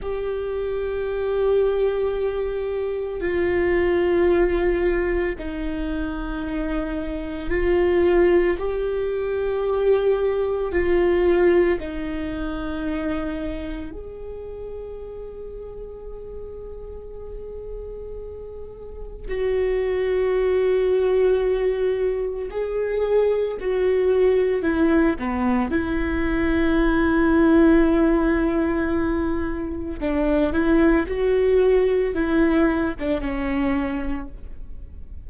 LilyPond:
\new Staff \with { instrumentName = "viola" } { \time 4/4 \tempo 4 = 56 g'2. f'4~ | f'4 dis'2 f'4 | g'2 f'4 dis'4~ | dis'4 gis'2.~ |
gis'2 fis'2~ | fis'4 gis'4 fis'4 e'8 b8 | e'1 | d'8 e'8 fis'4 e'8. d'16 cis'4 | }